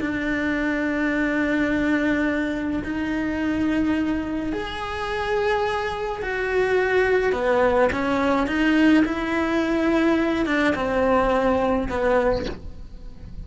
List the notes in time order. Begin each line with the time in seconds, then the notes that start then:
0.00 D4
2.84 D#4
4.53 G#4
6.22 F#4
7.33 B3
7.92 C#4
8.47 D#4
9.05 E4
10.46 D4
10.75 C4
11.89 B3